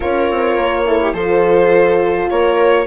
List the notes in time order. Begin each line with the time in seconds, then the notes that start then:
0.00 C#4 F4 A#4 C#5
0.30 C4
0.57 A#3
0.85 E4 A4
1.01 G4
1.13 F3 F4 A4 C5
2.29 A#3 A#4 C#5